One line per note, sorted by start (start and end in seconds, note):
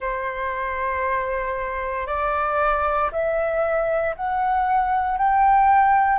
0.00 2.06 C5
2.06 3.10 D5
3.11 4.15 E5
4.16 5.17 F#5
5.17 6.18 G5